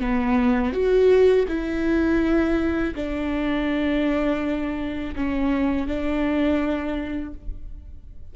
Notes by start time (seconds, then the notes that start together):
0.00 B3
0.73 F#4
1.48 E4
2.95 D4
5.16 C#4
5.87 D4